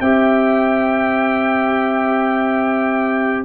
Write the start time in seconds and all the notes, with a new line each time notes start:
0.00 C4 G4 E5 G5